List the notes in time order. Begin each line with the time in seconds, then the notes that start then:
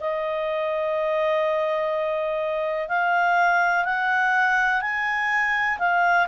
0.00 D#5
2.89 F5
3.84 F#5
4.81 G#5
5.78 F5